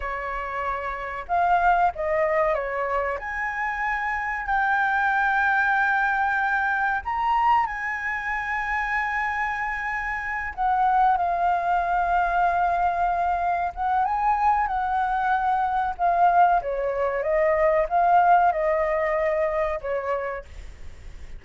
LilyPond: \new Staff \with { instrumentName = "flute" } { \time 4/4 \tempo 4 = 94 cis''2 f''4 dis''4 | cis''4 gis''2 g''4~ | g''2. ais''4 | gis''1~ |
gis''8 fis''4 f''2~ f''8~ | f''4. fis''8 gis''4 fis''4~ | fis''4 f''4 cis''4 dis''4 | f''4 dis''2 cis''4 | }